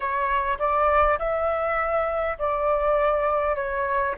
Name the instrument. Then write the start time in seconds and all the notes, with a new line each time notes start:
flute
0.00 C#5
0.58 D5
1.19 E5
2.38 D5
3.55 C#5